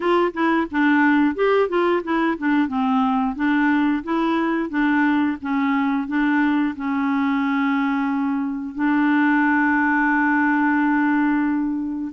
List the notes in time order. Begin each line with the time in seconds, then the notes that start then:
0.00 F4
0.33 E4
0.71 D4
1.35 G4
1.68 F4
2.03 E4
2.38 D4
2.68 C4
3.35 D4
4.03 E4
4.69 D4
5.41 C#4
6.07 D4
6.75 C#4
8.75 D4